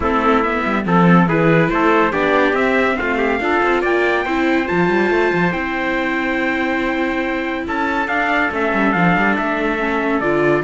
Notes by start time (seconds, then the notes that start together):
0.00 A3 C4 E4 A4
0.42 B3 E5
0.65 G3
0.84 F3 C4 A4
1.26 E3 E4 G#4 B4
1.70 A3 A4 C5
2.11 B3 D4 G4 D5
2.52 C4 E5
2.97 A3 F4 F5
3.17 G4
3.40 D4 F4 A4
3.63 C4
3.81 A#3 D5 G5
4.24 C4 E4 C5
4.65 F3 F4 A5
4.89 G3
5.10 A3
5.33 F3
5.52 C4 E4 G5
7.67 C#4 A4 A5
8.07 D4 F5
8.51 A3 C#4 E5
8.73 G3
8.92 F3 D4 F5
9.16 G3
9.37 A3 E5
9.79 C#4
10.20 D3 F4 D5